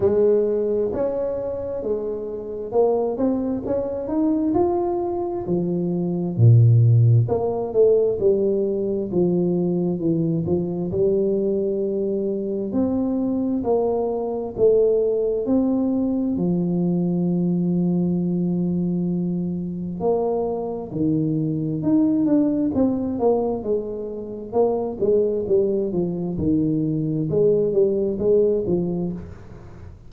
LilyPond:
\new Staff \with { instrumentName = "tuba" } { \time 4/4 \tempo 4 = 66 gis4 cis'4 gis4 ais8 c'8 | cis'8 dis'8 f'4 f4 ais,4 | ais8 a8 g4 f4 e8 f8 | g2 c'4 ais4 |
a4 c'4 f2~ | f2 ais4 dis4 | dis'8 d'8 c'8 ais8 gis4 ais8 gis8 | g8 f8 dis4 gis8 g8 gis8 f8 | }